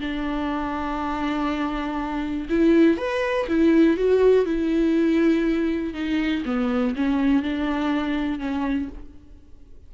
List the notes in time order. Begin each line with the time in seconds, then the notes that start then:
0.00 D4
2.49 E4
2.97 B4
3.48 E4
3.97 F#4
4.46 E4
5.93 D#4
6.46 B3
6.96 C#4
7.43 D4
8.39 C#4